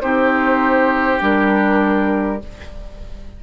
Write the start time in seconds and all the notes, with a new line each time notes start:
0.00 C4 D#4 G4 C5
1.19 G3 D4 A#4